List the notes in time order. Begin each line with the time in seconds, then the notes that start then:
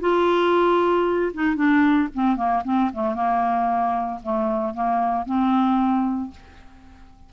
0.00 F4
1.33 D#4
1.56 D4
2.14 C4
2.36 A#3
2.64 C4
2.93 A3
3.14 A#3
4.23 A3
4.74 A#3
5.25 C4